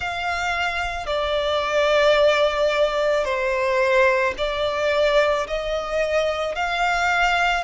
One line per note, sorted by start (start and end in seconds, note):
0.00 1.06 F5
1.06 3.24 D5
3.24 4.33 C5
4.37 5.46 D5
5.47 6.55 D#5
6.55 7.64 F5